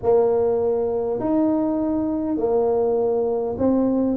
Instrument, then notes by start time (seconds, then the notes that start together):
tuba
0.02 A#3
1.20 D#4
2.37 A#3
3.58 C4